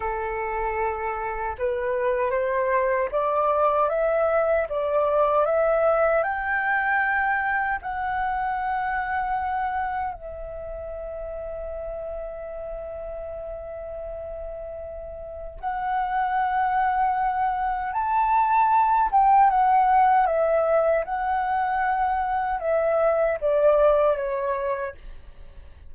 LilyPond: \new Staff \with { instrumentName = "flute" } { \time 4/4 \tempo 4 = 77 a'2 b'4 c''4 | d''4 e''4 d''4 e''4 | g''2 fis''2~ | fis''4 e''2.~ |
e''1 | fis''2. a''4~ | a''8 g''8 fis''4 e''4 fis''4~ | fis''4 e''4 d''4 cis''4 | }